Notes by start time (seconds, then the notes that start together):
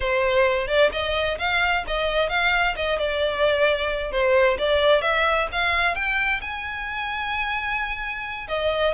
0.00 C5
0.67 D5
0.92 D#5
1.38 F5
1.87 D#5
2.29 F5
2.76 D#5
2.99 D5
4.11 C5
4.58 D5
5.01 E5
5.51 F5
5.95 G5
6.41 G#5
8.48 D#5